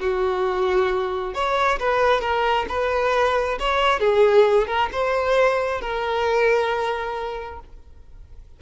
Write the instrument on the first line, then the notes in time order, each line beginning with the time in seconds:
violin
0.00 F#4
1.34 C#5
1.79 B4
2.21 A#4
2.68 B4
3.59 C#5
4.00 G#4
4.67 A#4
4.92 C5
5.81 A#4